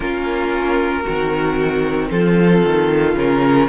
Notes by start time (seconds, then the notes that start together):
0.00 A#3 C#4 F4 A#4
1.02 D#3 C4 F#4
2.10 F3 F4 A4
2.64 D#3
3.14 C#3 C#4 A#4